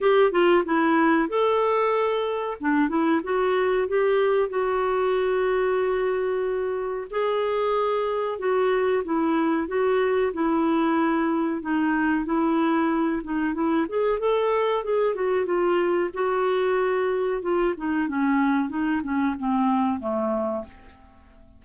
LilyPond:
\new Staff \with { instrumentName = "clarinet" } { \time 4/4 \tempo 4 = 93 g'8 f'8 e'4 a'2 | d'8 e'8 fis'4 g'4 fis'4~ | fis'2. gis'4~ | gis'4 fis'4 e'4 fis'4 |
e'2 dis'4 e'4~ | e'8 dis'8 e'8 gis'8 a'4 gis'8 fis'8 | f'4 fis'2 f'8 dis'8 | cis'4 dis'8 cis'8 c'4 a4 | }